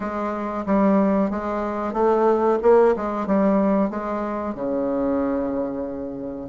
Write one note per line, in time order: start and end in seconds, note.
0.00 0.65 G#3
0.66 1.30 G3
1.30 1.93 G#3
1.93 2.58 A3
2.62 2.95 A#3
2.96 3.26 G#3
3.26 3.90 G3
3.90 4.54 G#3
4.54 6.49 C#3